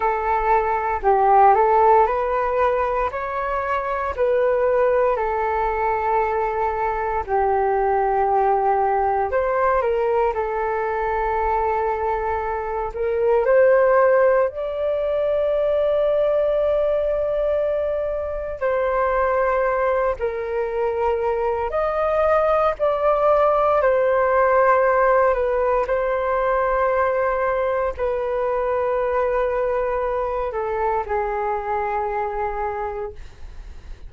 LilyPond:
\new Staff \with { instrumentName = "flute" } { \time 4/4 \tempo 4 = 58 a'4 g'8 a'8 b'4 cis''4 | b'4 a'2 g'4~ | g'4 c''8 ais'8 a'2~ | a'8 ais'8 c''4 d''2~ |
d''2 c''4. ais'8~ | ais'4 dis''4 d''4 c''4~ | c''8 b'8 c''2 b'4~ | b'4. a'8 gis'2 | }